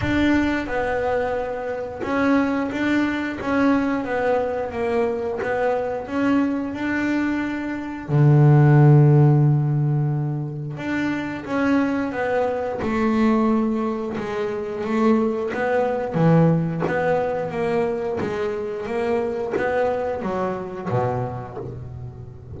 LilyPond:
\new Staff \with { instrumentName = "double bass" } { \time 4/4 \tempo 4 = 89 d'4 b2 cis'4 | d'4 cis'4 b4 ais4 | b4 cis'4 d'2 | d1 |
d'4 cis'4 b4 a4~ | a4 gis4 a4 b4 | e4 b4 ais4 gis4 | ais4 b4 fis4 b,4 | }